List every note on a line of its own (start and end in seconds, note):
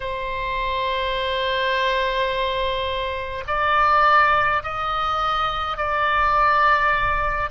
0.00 3.44 C5
3.47 4.62 D5
4.63 5.77 D#5
5.77 7.50 D5